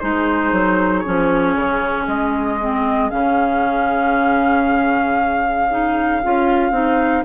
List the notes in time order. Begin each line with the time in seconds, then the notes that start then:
0.00 G#3 D#4 G#4 C5
0.52 F#3
1.00 C#4 C#5
1.07 F3
1.55 C#3
2.07 G#3 D#5
2.61 C4
3.10 C#3 C#4 F5
5.70 D#4
6.23 C#4 F4
6.71 C4 D#4